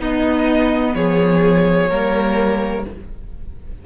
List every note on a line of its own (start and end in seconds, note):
0.00 0.95 B3
0.00 1.90 B3
0.00 0.95 D#4
0.00 0.95 D#5
0.95 1.90 F3
0.95 1.90 G#4
0.95 2.86 C#5
1.90 2.86 G3
1.90 2.86 A#3
1.90 2.86 A#4